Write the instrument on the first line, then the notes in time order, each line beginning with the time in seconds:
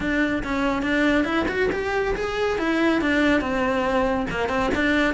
cello
0.00 D4
0.43 C#4
0.82 D4
1.24 E4
1.48 F#4
1.71 G4
2.15 G#4
2.58 E4
3.01 D4
3.40 C4
4.30 A#3
4.48 C4
4.74 D4